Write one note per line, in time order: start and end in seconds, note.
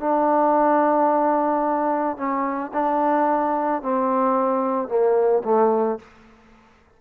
0.00 2.17 D4
2.17 2.71 C#4
2.73 3.82 D4
3.82 4.88 C4
4.88 5.42 A#3
5.44 5.99 A3